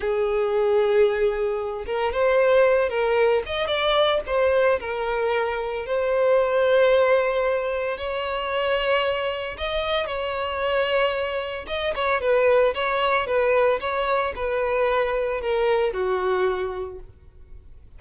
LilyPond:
\new Staff \with { instrumentName = "violin" } { \time 4/4 \tempo 4 = 113 gis'2.~ gis'8 ais'8 | c''4. ais'4 dis''8 d''4 | c''4 ais'2 c''4~ | c''2. cis''4~ |
cis''2 dis''4 cis''4~ | cis''2 dis''8 cis''8 b'4 | cis''4 b'4 cis''4 b'4~ | b'4 ais'4 fis'2 | }